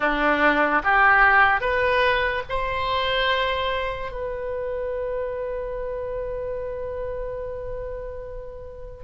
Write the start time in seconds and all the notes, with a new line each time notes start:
0.00 D4
0.83 G4
1.60 B4
2.49 C5
4.11 B4